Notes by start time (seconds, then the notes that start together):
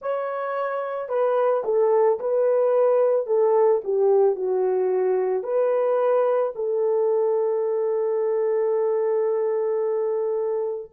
0.01 C#5
1.09 B4
1.64 A4
2.19 B4
3.26 A4
3.84 G4
4.35 F#4
5.43 B4
6.55 A4